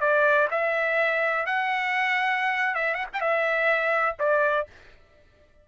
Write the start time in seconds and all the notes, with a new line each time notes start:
0.00 D5
0.50 E5
1.46 F#5
2.74 E5
2.94 F#5
3.13 G5
3.20 E5
4.19 D5